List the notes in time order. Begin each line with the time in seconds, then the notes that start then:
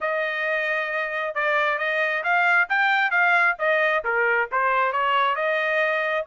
0.00 D#5
1.34 D5
1.78 D#5
2.23 F5
2.69 G5
3.10 F5
3.58 D#5
4.04 A#4
4.51 C5
4.92 C#5
5.35 D#5